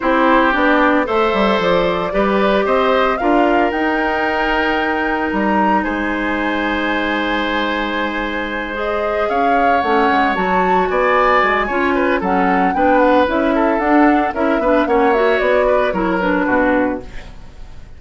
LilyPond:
<<
  \new Staff \with { instrumentName = "flute" } { \time 4/4 \tempo 4 = 113 c''4 d''4 e''4 d''4~ | d''4 dis''4 f''4 g''4~ | g''2 ais''4 gis''4~ | gis''1~ |
gis''8 dis''4 f''4 fis''4 a''8~ | a''8 gis''2~ gis''8 fis''4 | g''8 fis''8 e''4 fis''4 e''4 | fis''8 e''8 d''4 cis''8 b'4. | }
  \new Staff \with { instrumentName = "oboe" } { \time 4/4 g'2 c''2 | b'4 c''4 ais'2~ | ais'2. c''4~ | c''1~ |
c''4. cis''2~ cis''8~ | cis''8 d''4. cis''8 b'8 a'4 | b'4. a'4. ais'8 b'8 | cis''4. b'8 ais'4 fis'4 | }
  \new Staff \with { instrumentName = "clarinet" } { \time 4/4 e'4 d'4 a'2 | g'2 f'4 dis'4~ | dis'1~ | dis'1~ |
dis'8 gis'2 cis'4 fis'8~ | fis'2 f'4 cis'4 | d'4 e'4 d'4 e'8 d'8 | cis'8 fis'4. e'8 d'4. | }
  \new Staff \with { instrumentName = "bassoon" } { \time 4/4 c'4 b4 a8 g8 f4 | g4 c'4 d'4 dis'4~ | dis'2 g4 gis4~ | gis1~ |
gis4. cis'4 a8 gis8 fis8~ | fis8 b4 gis8 cis'4 fis4 | b4 cis'4 d'4 cis'8 b8 | ais4 b4 fis4 b,4 | }
>>